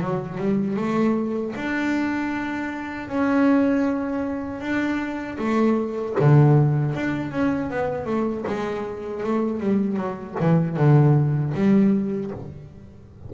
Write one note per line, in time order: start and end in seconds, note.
0.00 0.38 F#3
0.38 0.76 G3
0.76 1.53 A3
1.56 3.08 D4
3.08 4.60 C#4
4.60 5.37 D4
5.38 6.15 A3
6.20 6.95 D3
6.95 7.31 D4
7.31 7.70 C#4
7.70 8.06 B3
8.06 8.44 A3
8.47 9.23 G#3
9.23 9.60 A3
9.60 9.96 G3
9.96 10.35 F#3
10.40 10.76 E3
10.76 11.53 D3
11.54 12.31 G3